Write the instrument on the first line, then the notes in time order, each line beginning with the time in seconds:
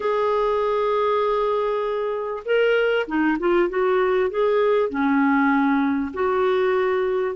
clarinet
0.00 G#4
2.45 A#4
3.07 D#4
3.39 F4
3.69 F#4
4.30 G#4
4.89 C#4
6.13 F#4